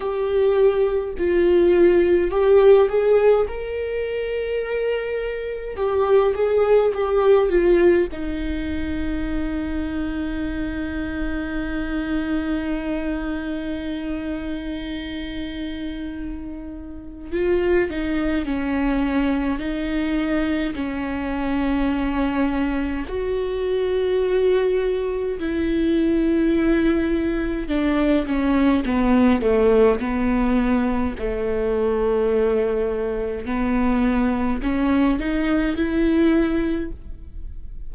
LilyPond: \new Staff \with { instrumentName = "viola" } { \time 4/4 \tempo 4 = 52 g'4 f'4 g'8 gis'8 ais'4~ | ais'4 g'8 gis'8 g'8 f'8 dis'4~ | dis'1~ | dis'2. f'8 dis'8 |
cis'4 dis'4 cis'2 | fis'2 e'2 | d'8 cis'8 b8 a8 b4 a4~ | a4 b4 cis'8 dis'8 e'4 | }